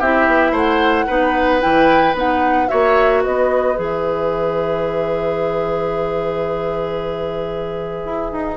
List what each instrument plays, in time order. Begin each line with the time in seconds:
0.00 bassoon C4, clarinet E4, oboe G4, flute E5
0.28 bassoon B3
0.52 bassoon A3, oboe C5, flute F#5
1.07 bassoon B3, clarinet D#4, oboe B4
1.61 bassoon E3, clarinet E4, flute G5
2.15 bassoon B3, clarinet D#4, flute F#5
2.68 bassoon A#3, clarinet F#4, oboe C#5, flute E5
3.24 bassoon B3, oboe B4, flute D#5
3.76 bassoon E3, clarinet G#4, flute E5
8.06 bassoon E4
8.32 bassoon D#4